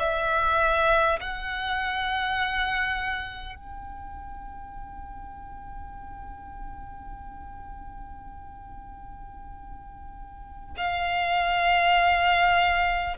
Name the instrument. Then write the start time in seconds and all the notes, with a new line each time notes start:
violin
0.00 E5
1.21 F#5
3.56 G5
10.77 F5